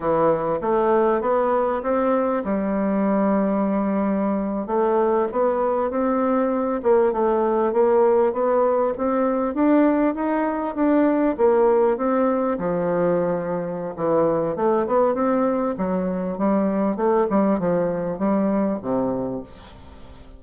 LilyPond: \new Staff \with { instrumentName = "bassoon" } { \time 4/4 \tempo 4 = 99 e4 a4 b4 c'4 | g2.~ g8. a16~ | a8. b4 c'4. ais8 a16~ | a8. ais4 b4 c'4 d'16~ |
d'8. dis'4 d'4 ais4 c'16~ | c'8. f2~ f16 e4 | a8 b8 c'4 fis4 g4 | a8 g8 f4 g4 c4 | }